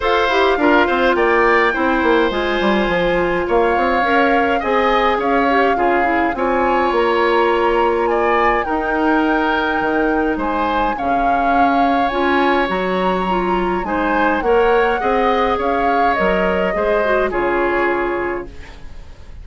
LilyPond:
<<
  \new Staff \with { instrumentName = "flute" } { \time 4/4 \tempo 4 = 104 f''2 g''2 | gis''2 f''2 | gis''4 f''2 gis''4 | ais''2 gis''4 g''4~ |
g''2 gis''4 f''4~ | f''4 gis''4 ais''2 | gis''4 fis''2 f''4 | dis''2 cis''2 | }
  \new Staff \with { instrumentName = "oboe" } { \time 4/4 c''4 ais'8 c''8 d''4 c''4~ | c''2 cis''2 | dis''4 cis''4 gis'4 cis''4~ | cis''2 d''4 ais'4~ |
ais'2 c''4 cis''4~ | cis''1 | c''4 cis''4 dis''4 cis''4~ | cis''4 c''4 gis'2 | }
  \new Staff \with { instrumentName = "clarinet" } { \time 4/4 a'8 g'8 f'2 e'4 | f'2. ais'4 | gis'4. g'8 f'8 e'8 f'4~ | f'2. dis'4~ |
dis'2. cis'4~ | cis'4 f'4 fis'4 f'4 | dis'4 ais'4 gis'2 | ais'4 gis'8 fis'8 f'2 | }
  \new Staff \with { instrumentName = "bassoon" } { \time 4/4 f'8 e'8 d'8 c'8 ais4 c'8 ais8 | gis8 g8 f4 ais8 c'8 cis'4 | c'4 cis'4 cis4 c'4 | ais2. dis'4~ |
dis'4 dis4 gis4 cis4~ | cis4 cis'4 fis2 | gis4 ais4 c'4 cis'4 | fis4 gis4 cis2 | }
>>